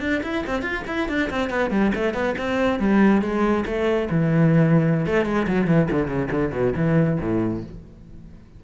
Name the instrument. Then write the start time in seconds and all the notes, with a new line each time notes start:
cello
0.00 D4
0.23 E4
0.46 C4
0.62 F4
0.87 E4
1.08 D4
1.30 C4
1.50 B3
1.70 G3
1.95 A3
2.13 B3
2.38 C4
2.79 G3
3.21 G#3
3.65 A3
4.10 E3
5.06 A3
5.25 G#3
5.47 F#3
5.67 E3
5.91 D3
6.07 C#3
6.31 D3
6.52 B2
6.76 E3
7.20 A2